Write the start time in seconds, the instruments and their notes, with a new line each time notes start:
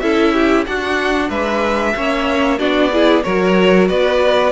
0.00 cello C#4, viola E4, violin A4 E5
0.34 violin G4
0.66 viola D4, cello D4, violin F#4 F#5
1.29 cello G#3, violin B4 E5
1.96 cello A#3, viola C#4, violin C#5
2.59 cello B3, viola D4, violin F#4 D5
2.93 viola E4, violin G#4
3.23 cello F#3, viola F#4, violin A#4 C#5
3.89 cello B3, violin B4 D5